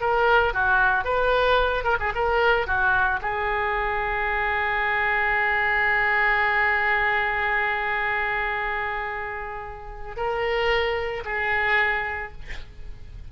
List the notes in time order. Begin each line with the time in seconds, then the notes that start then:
0.00 A#4
0.53 F#4
1.04 B4
1.84 A#4
1.99 G#4
2.15 A#4
2.66 F#4
3.21 G#4
10.16 A#4
11.25 G#4